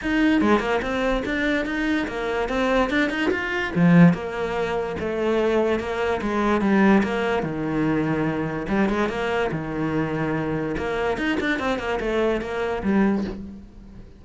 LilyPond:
\new Staff \with { instrumentName = "cello" } { \time 4/4 \tempo 4 = 145 dis'4 gis8 ais8 c'4 d'4 | dis'4 ais4 c'4 d'8 dis'8 | f'4 f4 ais2 | a2 ais4 gis4 |
g4 ais4 dis2~ | dis4 g8 gis8 ais4 dis4~ | dis2 ais4 dis'8 d'8 | c'8 ais8 a4 ais4 g4 | }